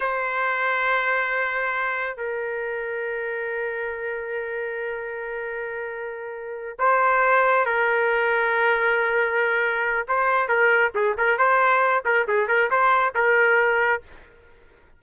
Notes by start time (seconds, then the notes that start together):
0.00 C5
2.16 A#4
6.79 C5
7.65 A#4
10.08 C5
10.48 A#4
10.94 G#4
11.17 A#4
11.38 C5
12.05 A#4
12.27 G#4
12.48 A#4
12.70 C5
13.15 A#4